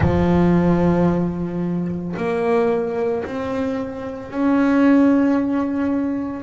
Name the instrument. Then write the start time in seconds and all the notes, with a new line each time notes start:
double bass
0.00 F3
2.17 A#3
3.24 C4
4.31 C#4